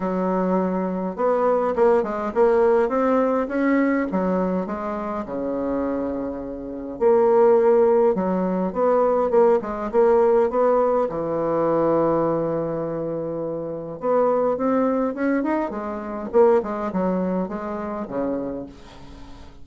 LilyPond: \new Staff \with { instrumentName = "bassoon" } { \time 4/4 \tempo 4 = 103 fis2 b4 ais8 gis8 | ais4 c'4 cis'4 fis4 | gis4 cis2. | ais2 fis4 b4 |
ais8 gis8 ais4 b4 e4~ | e1 | b4 c'4 cis'8 dis'8 gis4 | ais8 gis8 fis4 gis4 cis4 | }